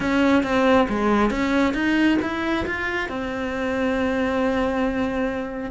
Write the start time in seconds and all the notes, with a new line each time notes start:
0.00 C#4
0.43 C4
0.88 G#3
1.30 C#4
1.73 D#4
2.22 E4
2.66 F4
3.09 C4